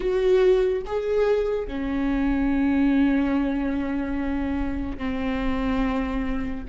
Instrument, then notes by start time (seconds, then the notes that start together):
viola
0.00 F#4
0.86 G#4
1.67 C#4
4.98 C4